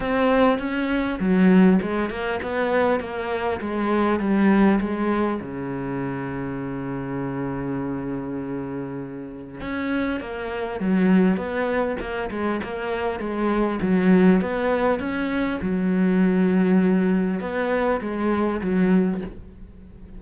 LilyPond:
\new Staff \with { instrumentName = "cello" } { \time 4/4 \tempo 4 = 100 c'4 cis'4 fis4 gis8 ais8 | b4 ais4 gis4 g4 | gis4 cis2.~ | cis1 |
cis'4 ais4 fis4 b4 | ais8 gis8 ais4 gis4 fis4 | b4 cis'4 fis2~ | fis4 b4 gis4 fis4 | }